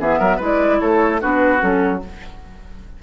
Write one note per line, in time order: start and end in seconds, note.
0.00 0.20 E3
0.00 0.40 B3
0.00 0.19 G#4
0.00 0.41 E5
0.19 0.40 F#3
0.19 0.36 A#4
0.36 0.80 G#3
0.36 1.21 E4
0.36 0.77 B4
0.44 0.80 D5
0.80 1.22 A3
0.80 1.21 A4
0.80 1.21 C#5
1.21 1.62 B3
1.21 1.59 D4
1.21 2.02 F#4
1.21 1.62 B4
1.59 2.03 F#3
1.59 2.00 C#4
1.59 2.03 A4